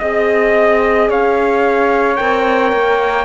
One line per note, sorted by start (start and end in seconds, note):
0.00 1.10 C4
0.00 2.17 G#4
0.00 1.09 D#5
0.00 1.10 D#5
1.10 2.19 C#4
1.10 3.25 C#5
1.10 2.17 F5
2.17 2.72 C4
2.17 3.25 A#4
2.17 3.25 G5
2.72 3.25 A#3